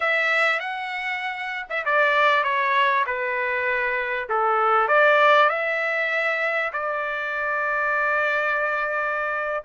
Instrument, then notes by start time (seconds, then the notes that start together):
trumpet
0.00 E5
0.59 F#5
1.69 E5
1.85 D5
2.43 C#5
3.06 B4
4.29 A4
4.88 D5
5.49 E5
6.72 D5